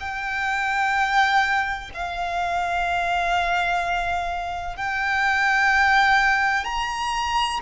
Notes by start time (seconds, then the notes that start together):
0.00 G5
1.94 F5
4.77 G5
6.65 A#5